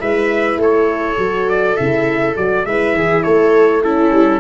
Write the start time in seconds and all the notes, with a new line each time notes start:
0.00 G#3 E4 B4 E5
0.58 A3 A4 C#5
1.18 F#3 F#4
1.50 D5
1.77 C#3 E4 E5
2.37 F#3 F#4 D5
2.66 G#3 E4 B4 E5
2.94 E3 G#4
3.23 A3 A4 C#5
3.84 C#4 E4 A4
4.12 G3